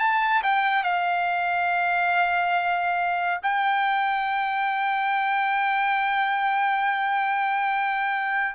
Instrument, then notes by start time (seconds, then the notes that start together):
trumpet
0.00 A5
0.43 G5
0.84 F5
3.43 G5